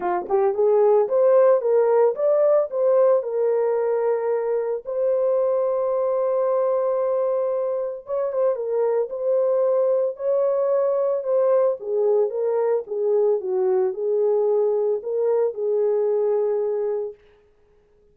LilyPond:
\new Staff \with { instrumentName = "horn" } { \time 4/4 \tempo 4 = 112 f'8 g'8 gis'4 c''4 ais'4 | d''4 c''4 ais'2~ | ais'4 c''2.~ | c''2. cis''8 c''8 |
ais'4 c''2 cis''4~ | cis''4 c''4 gis'4 ais'4 | gis'4 fis'4 gis'2 | ais'4 gis'2. | }